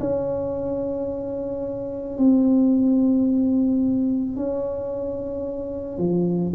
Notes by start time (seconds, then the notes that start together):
0.00 C#4
2.17 C4
4.36 C#4
5.98 F3